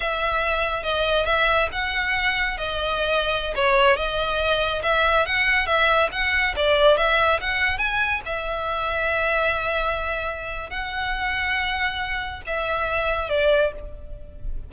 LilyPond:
\new Staff \with { instrumentName = "violin" } { \time 4/4 \tempo 4 = 140 e''2 dis''4 e''4 | fis''2 dis''2~ | dis''16 cis''4 dis''2 e''8.~ | e''16 fis''4 e''4 fis''4 d''8.~ |
d''16 e''4 fis''4 gis''4 e''8.~ | e''1~ | e''4 fis''2.~ | fis''4 e''2 d''4 | }